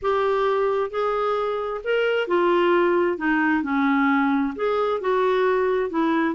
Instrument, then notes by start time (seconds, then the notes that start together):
clarinet
0.01 G4
0.90 G#4
1.84 A#4
2.27 F4
3.17 D#4
3.62 C#4
4.55 G#4
5.00 F#4
5.90 E4